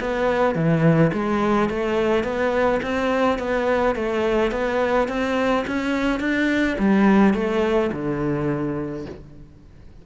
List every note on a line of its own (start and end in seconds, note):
0.00 0.55 B3
0.55 1.11 E3
1.13 1.69 G#3
1.69 2.23 A3
2.23 2.80 B3
2.82 3.38 C4
3.38 3.95 B3
3.95 4.51 A3
4.51 5.08 B3
5.08 5.65 C4
5.67 6.20 C#4
6.20 6.76 D4
6.78 7.34 G3
7.34 7.90 A3
7.92 9.05 D3